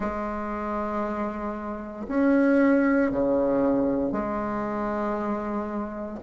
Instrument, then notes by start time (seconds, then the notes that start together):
bassoon
0.00 G#3
2.08 C#4
3.11 C#3
4.11 G#3